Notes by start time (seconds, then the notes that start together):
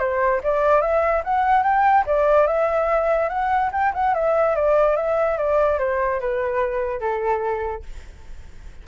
0.00 C5
0.44 D5
0.82 E5
1.25 F#5
1.64 G5
2.07 D5
2.48 E5
3.30 F#5
3.73 G5
3.94 F#5
4.15 E5
4.56 D5
4.97 E5
5.38 D5
5.79 C5
6.21 B4
7.01 A4